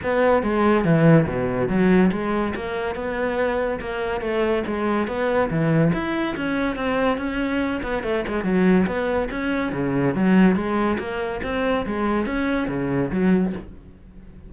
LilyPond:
\new Staff \with { instrumentName = "cello" } { \time 4/4 \tempo 4 = 142 b4 gis4 e4 b,4 | fis4 gis4 ais4 b4~ | b4 ais4 a4 gis4 | b4 e4 e'4 cis'4 |
c'4 cis'4. b8 a8 gis8 | fis4 b4 cis'4 cis4 | fis4 gis4 ais4 c'4 | gis4 cis'4 cis4 fis4 | }